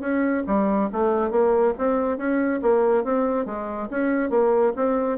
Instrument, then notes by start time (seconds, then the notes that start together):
bassoon
0.00 C#4
0.47 G3
0.92 A3
1.31 A#3
1.78 C4
2.17 C#4
2.62 A#3
3.04 C4
3.45 G#3
3.90 C#4
4.30 A#3
4.76 C4